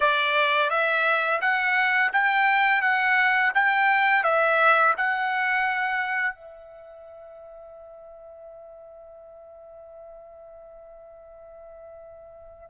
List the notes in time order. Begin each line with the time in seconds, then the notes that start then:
0.00 D5
0.69 E5
1.41 F#5
2.12 G5
2.81 F#5
3.54 G5
4.23 E5
4.97 F#5
6.34 E5